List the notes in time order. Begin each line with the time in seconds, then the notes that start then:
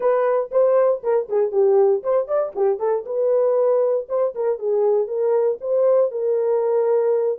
0.00 B4
0.51 C5
1.03 A#4
1.29 G#4
1.51 G4
2.03 C5
2.27 D5
2.55 G4
2.79 A4
3.05 B4
4.09 C5
4.35 A#4
4.59 G#4
5.07 A#4
5.60 C5
6.11 A#4